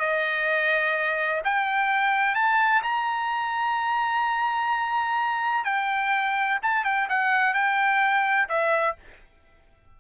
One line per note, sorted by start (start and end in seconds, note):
0.00 1.42 D#5
1.45 2.35 G5
2.35 2.82 A5
2.83 5.65 A#5
5.65 6.59 G5
6.63 6.85 A5
6.85 7.08 G5
7.10 7.54 F#5
7.54 8.49 G5
8.49 8.96 E5